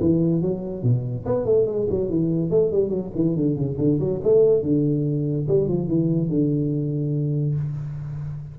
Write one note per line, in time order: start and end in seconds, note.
0.00 0.41 E3
0.41 0.83 F#3
0.83 1.25 B2
1.25 1.45 B3
1.45 1.66 A3
1.66 1.87 G#3
1.90 2.09 F#3
2.09 2.50 E3
2.50 2.71 A3
2.71 2.89 G3
2.89 3.10 F#3
3.15 3.36 E3
3.36 3.56 D3
3.56 3.77 C#3
3.78 3.99 D3
3.99 4.21 F#3
4.23 4.62 A3
4.62 5.47 D3
5.48 5.68 G3
5.68 5.87 F3
5.87 6.29 E3
6.29 7.55 D3